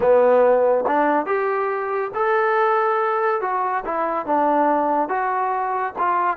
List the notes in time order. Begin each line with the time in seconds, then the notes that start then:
0.00 B3
0.87 D4
1.26 G4
2.14 A4
3.41 F#4
3.84 E4
4.26 D4
5.08 F#4
5.98 F4